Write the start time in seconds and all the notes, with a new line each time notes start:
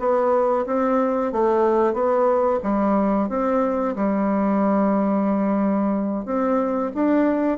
0.00 B3
0.67 C4
1.33 A3
1.94 B3
2.63 G3
3.30 C4
3.97 G3
6.26 C4
6.95 D4